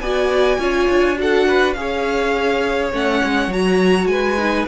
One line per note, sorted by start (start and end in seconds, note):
0.00 0.58 B3
0.00 0.59 F#4
0.00 0.60 D5
0.00 1.17 G#5
0.58 0.88 C#4
0.58 1.16 F4
0.58 1.18 C#5
0.89 1.76 D4
1.16 1.74 F#4
1.16 1.47 A4
1.16 1.73 F#5
1.47 1.77 B4
1.73 2.92 C#4
1.73 2.92 G#4
1.73 2.90 F5
1.80 4.11 C#5
2.92 3.21 A3
2.92 3.51 C#4
2.92 3.53 F#5
3.23 3.47 G#3
3.47 4.06 F#3
3.47 4.38 F#4
3.47 4.07 A#5
4.06 4.64 G#3
4.06 4.68 B4
4.06 4.65 G#5
4.38 4.67 D#4